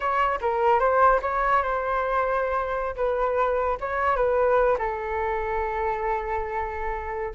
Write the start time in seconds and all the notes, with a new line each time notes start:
0.00 C#5
0.41 A#4
0.79 C5
1.22 C#5
1.62 C5
2.95 B4
3.80 C#5
4.16 B4
4.78 A4